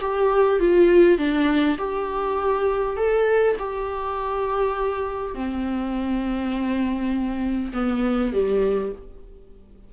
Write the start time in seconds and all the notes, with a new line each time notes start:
0.00 G4
0.59 F4
1.18 D4
1.78 G4
2.96 A4
3.59 G4
5.35 C4
7.73 B3
8.32 G3